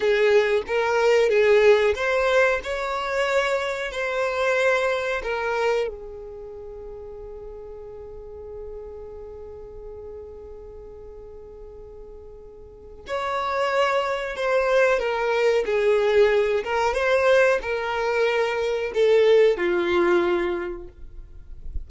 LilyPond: \new Staff \with { instrumentName = "violin" } { \time 4/4 \tempo 4 = 92 gis'4 ais'4 gis'4 c''4 | cis''2 c''2 | ais'4 gis'2.~ | gis'1~ |
gis'1 | cis''2 c''4 ais'4 | gis'4. ais'8 c''4 ais'4~ | ais'4 a'4 f'2 | }